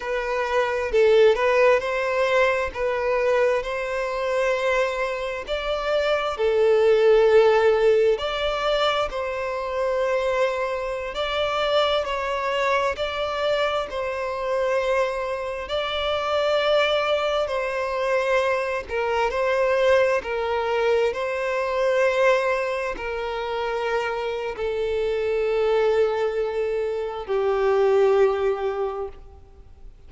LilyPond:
\new Staff \with { instrumentName = "violin" } { \time 4/4 \tempo 4 = 66 b'4 a'8 b'8 c''4 b'4 | c''2 d''4 a'4~ | a'4 d''4 c''2~ | c''16 d''4 cis''4 d''4 c''8.~ |
c''4~ c''16 d''2 c''8.~ | c''8. ais'8 c''4 ais'4 c''8.~ | c''4~ c''16 ais'4.~ ais'16 a'4~ | a'2 g'2 | }